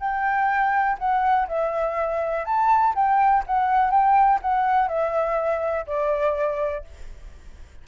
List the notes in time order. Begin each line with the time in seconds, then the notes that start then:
0.00 G5
0.99 F#5
1.48 E5
2.45 A5
2.95 G5
3.47 F#5
3.91 G5
4.42 F#5
4.88 E5
5.87 D5